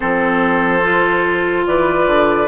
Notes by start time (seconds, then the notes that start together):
0.00 F3 C4 A4 C5
0.82 F4
1.66 E3 B4 D5
2.06 D3